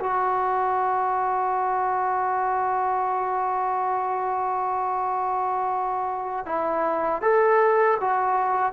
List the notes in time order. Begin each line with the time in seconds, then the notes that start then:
0.00 F#4
6.46 E4
7.22 A4
8.01 F#4